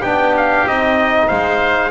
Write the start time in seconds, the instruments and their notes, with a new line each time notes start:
0.00 double bass B3, trombone D4, oboe G4, trumpet G5
0.37 trumpet F5
0.66 double bass C4, trombone D#4, trumpet D#5
1.28 double bass G#3, oboe C5, trumpet F5